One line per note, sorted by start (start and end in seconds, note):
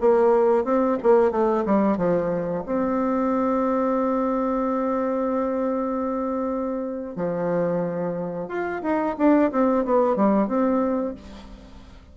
0.00 0.64 A#3
0.64 0.97 C4
1.02 1.31 A#3
1.31 1.64 A3
1.65 1.97 G3
1.97 2.64 F3
2.66 7.15 C4
7.15 8.48 F3
8.48 8.82 F4
8.82 9.15 D#4
9.18 9.51 D4
9.52 9.85 C4
9.85 10.15 B3
10.15 10.47 G3
10.47 11.14 C4